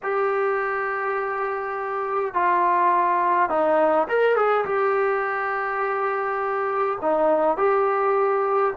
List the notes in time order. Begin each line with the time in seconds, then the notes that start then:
0.03 G4
2.34 F4
3.49 D#4
4.08 A#4
4.35 G#4
4.65 G4
7.01 D#4
7.57 G4